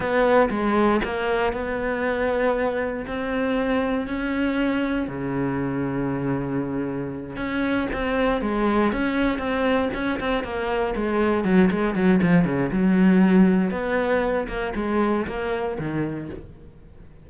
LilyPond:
\new Staff \with { instrumentName = "cello" } { \time 4/4 \tempo 4 = 118 b4 gis4 ais4 b4~ | b2 c'2 | cis'2 cis2~ | cis2~ cis8 cis'4 c'8~ |
c'8 gis4 cis'4 c'4 cis'8 | c'8 ais4 gis4 fis8 gis8 fis8 | f8 cis8 fis2 b4~ | b8 ais8 gis4 ais4 dis4 | }